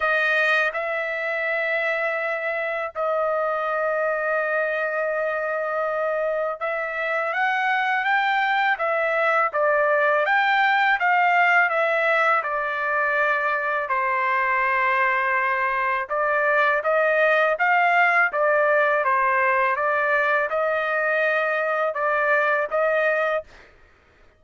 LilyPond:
\new Staff \with { instrumentName = "trumpet" } { \time 4/4 \tempo 4 = 82 dis''4 e''2. | dis''1~ | dis''4 e''4 fis''4 g''4 | e''4 d''4 g''4 f''4 |
e''4 d''2 c''4~ | c''2 d''4 dis''4 | f''4 d''4 c''4 d''4 | dis''2 d''4 dis''4 | }